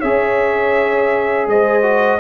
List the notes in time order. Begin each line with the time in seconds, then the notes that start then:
0.00 C#4 G#4 C#5 E5
1.47 G#3 C5 D#5
1.83 F#4